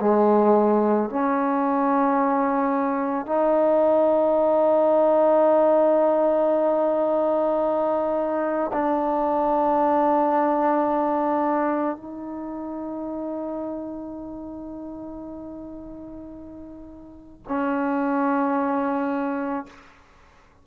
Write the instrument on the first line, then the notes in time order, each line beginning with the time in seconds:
trombone
0.00 G#3
1.10 C#4
3.26 D#4
8.73 D4
11.96 D#4
17.48 C#4